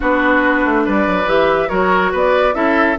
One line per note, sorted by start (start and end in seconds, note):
0.00 0.65 B3
0.00 1.26 D4
0.00 0.83 F#4
0.00 0.86 B4
0.65 0.86 A3
0.85 1.06 G3
0.85 1.69 B4
0.85 1.29 D5
1.06 1.25 F#3
1.25 1.68 E3
1.25 1.69 G4
1.25 1.69 E5
1.69 2.13 F#3
1.69 2.53 F#4
1.69 2.11 A#4
1.69 2.11 C#5
2.11 2.54 B3
2.11 2.54 B4
2.11 2.54 D5
2.53 2.96 C#4
2.53 2.95 E4
2.53 2.98 A4
2.53 2.97 E5